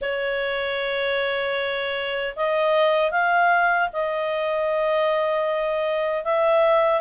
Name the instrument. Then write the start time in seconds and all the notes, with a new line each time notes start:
clarinet
0.01 C#5
2.36 D#5
3.11 F5
3.92 D#5
6.24 E5